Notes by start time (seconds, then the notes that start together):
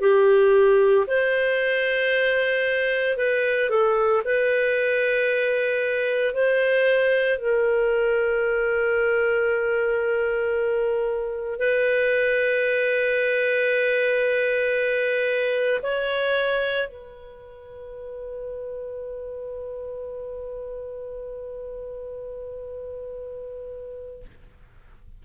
0.00 G4
1.07 C5
3.17 B4
3.69 A4
4.24 B4
6.33 C5
7.38 A#4
11.59 B4
15.82 C#5
16.88 B4